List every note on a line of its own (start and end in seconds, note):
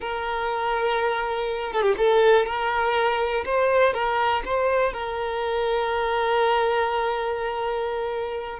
0.00 1.72 A#4
1.72 1.82 A4
1.82 1.94 G4
1.97 2.46 A4
2.46 3.44 A#4
3.45 3.93 C5
3.93 4.43 A#4
4.45 4.93 C5
4.93 8.59 A#4